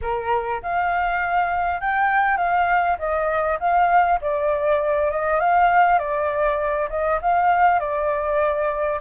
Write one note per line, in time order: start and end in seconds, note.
0.01 0.61 A#4
0.62 1.80 F5
1.80 2.37 G5
2.37 2.97 F5
2.98 3.58 D#5
3.59 4.19 F5
4.21 5.11 D5
5.11 5.39 D#5
5.39 5.98 F5
5.98 6.88 D5
6.89 7.19 D#5
7.21 7.79 F5
7.79 8.99 D5